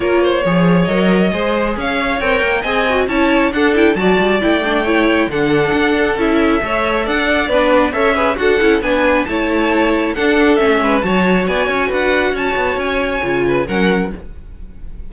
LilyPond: <<
  \new Staff \with { instrumentName = "violin" } { \time 4/4 \tempo 4 = 136 cis''2 dis''2 | f''4 g''4 gis''4 a''4 | fis''8 g''8 a''4 g''2 | fis''2 e''2 |
fis''4 b'4 e''4 fis''4 | gis''4 a''2 fis''4 | e''4 a''4 gis''4 fis''4 | a''4 gis''2 fis''4 | }
  \new Staff \with { instrumentName = "violin" } { \time 4/4 ais'8 c''8 cis''2 c''4 | cis''2 dis''4 cis''4 | a'4 d''2 cis''4 | a'2. cis''4 |
d''2 cis''8 b'8 a'4 | b'4 cis''2 a'4~ | a'8 b'8 cis''4 d''8 cis''8 b'4 | cis''2~ cis''8 b'8 ais'4 | }
  \new Staff \with { instrumentName = "viola" } { \time 4/4 f'4 gis'4 ais'4 gis'4~ | gis'4 ais'4 gis'8 fis'8 e'4 | d'8 e'8 fis'4 e'8 d'8 e'4 | d'2 e'4 a'4~ |
a'4 d'4 a'8 gis'8 fis'8 e'8 | d'4 e'2 d'4 | cis'4 fis'2.~ | fis'2 f'4 cis'4 | }
  \new Staff \with { instrumentName = "cello" } { \time 4/4 ais4 f4 fis4 gis4 | cis'4 c'8 ais8 c'4 cis'4 | d'4 fis8 g8 a2 | d4 d'4 cis'4 a4 |
d'4 b4 cis'4 d'8 cis'8 | b4 a2 d'4 | a8 gis8 fis4 b8 cis'8 d'4 | cis'8 b8 cis'4 cis4 fis4 | }
>>